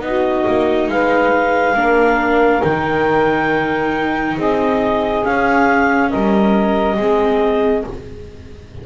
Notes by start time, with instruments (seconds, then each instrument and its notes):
0.00 double bass B3, viola D#4, saxophone F#4, clarinet D#5
0.48 double bass A#3
0.89 double bass G#3, saxophone B4, clarinet F5
1.75 double bass A#3, viola D4, saxophone A#4
2.62 double bass D#3, viola D#4, clarinet G5
4.36 double bass C4, saxophone G#4, clarinet D#5
5.24 viola C#4, double bass C#4, clarinet F5
6.09 double bass G3, saxophone A#4, clarinet D#5
6.98 double bass G#3, viola C4, saxophone G#4